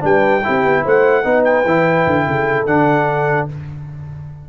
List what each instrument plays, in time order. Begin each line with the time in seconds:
0.00 tuba G3, trombone D4, horn B4, trumpet G5
0.44 tuba C4, trombone E4, horn G4
0.65 tuba B3
0.83 tuba A3, horn C5, trumpet F#5
1.24 tuba B3, trombone D#4, horn B4
1.45 trumpet G5
1.65 tuba E3, trombone E4
2.07 tuba D3
2.27 tuba C#3, horn A4
2.67 tuba D3, trombone D4, trumpet F#5